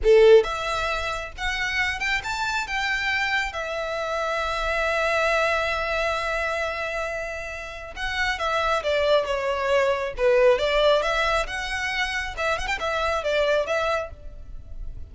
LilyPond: \new Staff \with { instrumentName = "violin" } { \time 4/4 \tempo 4 = 136 a'4 e''2 fis''4~ | fis''8 g''8 a''4 g''2 | e''1~ | e''1~ |
e''2 fis''4 e''4 | d''4 cis''2 b'4 | d''4 e''4 fis''2 | e''8 fis''16 g''16 e''4 d''4 e''4 | }